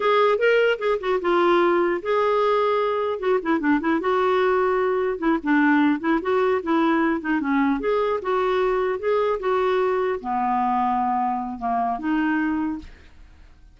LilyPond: \new Staff \with { instrumentName = "clarinet" } { \time 4/4 \tempo 4 = 150 gis'4 ais'4 gis'8 fis'8 f'4~ | f'4 gis'2. | fis'8 e'8 d'8 e'8 fis'2~ | fis'4 e'8 d'4. e'8 fis'8~ |
fis'8 e'4. dis'8 cis'4 gis'8~ | gis'8 fis'2 gis'4 fis'8~ | fis'4. b2~ b8~ | b4 ais4 dis'2 | }